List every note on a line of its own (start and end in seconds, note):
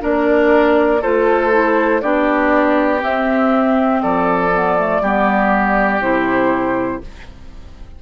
0.00 1.04 A#3
0.00 1.00 D4
0.00 1.02 A#4
0.00 1.03 D5
1.02 2.03 A3
1.02 1.51 F4
1.02 2.02 A4
1.02 2.01 C5
1.51 2.01 E4
2.01 3.03 B3
2.01 3.00 D4
2.01 4.03 G4
2.01 3.01 D5
3.00 4.50 C4
3.00 4.03 C4
3.00 4.03 E5
4.03 5.01 F3
4.03 5.02 A4
4.03 6.02 D5
4.54 4.78 B3
4.78 5.03 A3
5.01 6.00 G3
5.01 6.01 B3
5.01 7.02 G4
6.00 7.00 C3
6.00 7.01 E4
6.00 7.02 C5